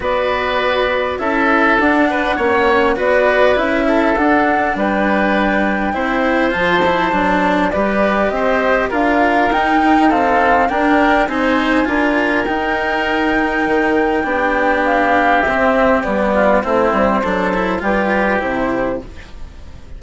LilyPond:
<<
  \new Staff \with { instrumentName = "flute" } { \time 4/4 \tempo 4 = 101 d''2 e''4 fis''4~ | fis''4 d''4 e''4 fis''4 | g''2. a''4~ | a''4 d''4 dis''4 f''4 |
g''4 f''4 g''4 gis''4~ | gis''4 g''2.~ | g''4 f''4 e''4 d''4 | c''2 b'4 c''4 | }
  \new Staff \with { instrumentName = "oboe" } { \time 4/4 b'2 a'4. b'8 | cis''4 b'4. a'4. | b'2 c''2~ | c''4 b'4 c''4 ais'4~ |
ais'4 a'4 ais'4 c''4 | ais'1 | g'2.~ g'8 f'8 | e'4 a'4 g'2 | }
  \new Staff \with { instrumentName = "cello" } { \time 4/4 fis'2 e'4 d'4 | cis'4 fis'4 e'4 d'4~ | d'2 e'4 f'8 e'8 | d'4 g'2 f'4 |
dis'4 c'4 d'4 dis'4 | f'4 dis'2. | d'2 c'4 b4 | c'4 d'8 e'8 f'4 e'4 | }
  \new Staff \with { instrumentName = "bassoon" } { \time 4/4 b2 cis'4 d'4 | ais4 b4 cis'4 d'4 | g2 c'4 f4 | fis4 g4 c'4 d'4 |
dis'2 d'4 c'4 | d'4 dis'2 dis4 | b2 c'4 g4 | a8 g8 fis4 g4 c4 | }
>>